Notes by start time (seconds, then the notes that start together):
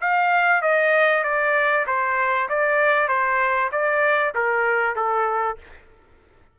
0.00 F5
0.62 D#5
1.23 D5
1.86 C5
2.49 D5
3.08 C5
3.71 D5
4.34 A#4
4.95 A4